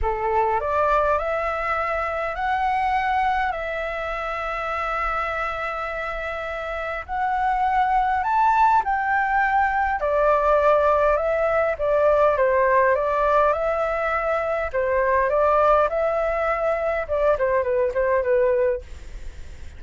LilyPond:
\new Staff \with { instrumentName = "flute" } { \time 4/4 \tempo 4 = 102 a'4 d''4 e''2 | fis''2 e''2~ | e''1 | fis''2 a''4 g''4~ |
g''4 d''2 e''4 | d''4 c''4 d''4 e''4~ | e''4 c''4 d''4 e''4~ | e''4 d''8 c''8 b'8 c''8 b'4 | }